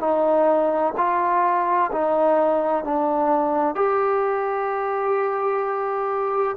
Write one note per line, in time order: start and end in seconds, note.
0.00 0.94 D#4
0.97 1.91 F4
1.92 2.84 D#4
2.84 3.75 D4
3.75 6.57 G4